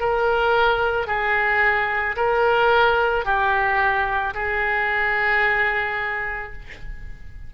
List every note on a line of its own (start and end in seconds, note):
0.00 1.07 A#4
1.07 2.16 G#4
2.17 3.25 A#4
3.25 4.34 G4
4.34 6.53 G#4